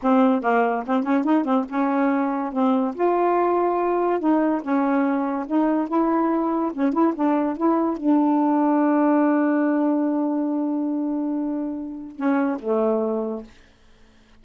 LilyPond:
\new Staff \with { instrumentName = "saxophone" } { \time 4/4 \tempo 4 = 143 c'4 ais4 c'8 cis'8 dis'8 c'8 | cis'2 c'4 f'4~ | f'2 dis'4 cis'4~ | cis'4 dis'4 e'2 |
cis'8 e'8 d'4 e'4 d'4~ | d'1~ | d'1~ | d'4 cis'4 a2 | }